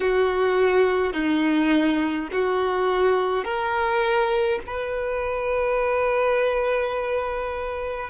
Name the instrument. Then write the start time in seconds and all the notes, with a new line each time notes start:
violin
0.00 F#4
1.13 D#4
2.32 F#4
3.44 A#4
4.66 B4